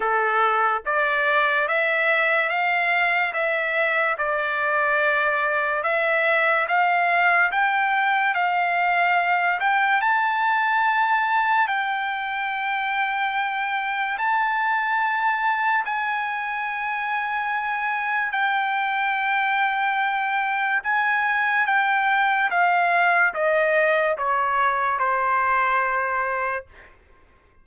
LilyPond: \new Staff \with { instrumentName = "trumpet" } { \time 4/4 \tempo 4 = 72 a'4 d''4 e''4 f''4 | e''4 d''2 e''4 | f''4 g''4 f''4. g''8 | a''2 g''2~ |
g''4 a''2 gis''4~ | gis''2 g''2~ | g''4 gis''4 g''4 f''4 | dis''4 cis''4 c''2 | }